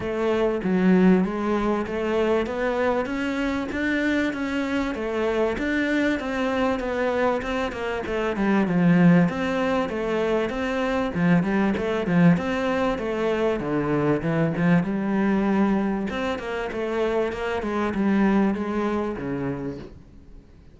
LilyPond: \new Staff \with { instrumentName = "cello" } { \time 4/4 \tempo 4 = 97 a4 fis4 gis4 a4 | b4 cis'4 d'4 cis'4 | a4 d'4 c'4 b4 | c'8 ais8 a8 g8 f4 c'4 |
a4 c'4 f8 g8 a8 f8 | c'4 a4 d4 e8 f8 | g2 c'8 ais8 a4 | ais8 gis8 g4 gis4 cis4 | }